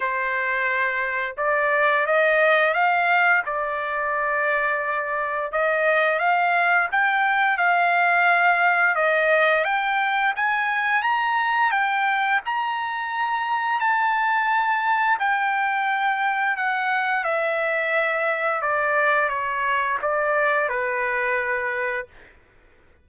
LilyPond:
\new Staff \with { instrumentName = "trumpet" } { \time 4/4 \tempo 4 = 87 c''2 d''4 dis''4 | f''4 d''2. | dis''4 f''4 g''4 f''4~ | f''4 dis''4 g''4 gis''4 |
ais''4 g''4 ais''2 | a''2 g''2 | fis''4 e''2 d''4 | cis''4 d''4 b'2 | }